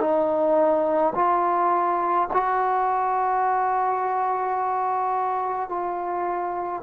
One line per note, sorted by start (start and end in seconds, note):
0.00 1.13 D#4
1.15 2.28 F4
2.33 5.69 F#4
5.69 6.82 F4